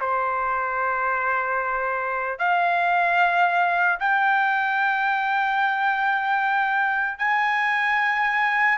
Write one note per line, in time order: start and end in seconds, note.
0.00 2.38 C5
2.38 3.98 F5
3.99 7.18 G5
7.18 8.78 G#5